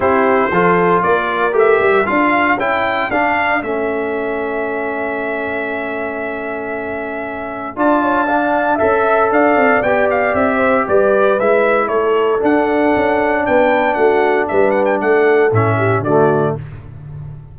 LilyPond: <<
  \new Staff \with { instrumentName = "trumpet" } { \time 4/4 \tempo 4 = 116 c''2 d''4 e''4 | f''4 g''4 f''4 e''4~ | e''1~ | e''2. a''4~ |
a''4 e''4 f''4 g''8 f''8 | e''4 d''4 e''4 cis''4 | fis''2 g''4 fis''4 | e''8 fis''16 g''16 fis''4 e''4 d''4 | }
  \new Staff \with { instrumentName = "horn" } { \time 4/4 g'4 a'4 ais'2 | a'1~ | a'1~ | a'2. d''8 cis''8 |
f''4 e''4 d''2~ | d''8 c''8 b'2 a'4~ | a'2 b'4 fis'4 | b'4 a'4. g'8 fis'4 | }
  \new Staff \with { instrumentName = "trombone" } { \time 4/4 e'4 f'2 g'4 | f'4 e'4 d'4 cis'4~ | cis'1~ | cis'2. f'4 |
d'4 a'2 g'4~ | g'2 e'2 | d'1~ | d'2 cis'4 a4 | }
  \new Staff \with { instrumentName = "tuba" } { \time 4/4 c'4 f4 ais4 a8 g8 | d'4 cis'4 d'4 a4~ | a1~ | a2. d'4~ |
d'4 cis'4 d'8 c'8 b4 | c'4 g4 gis4 a4 | d'4 cis'4 b4 a4 | g4 a4 a,4 d4 | }
>>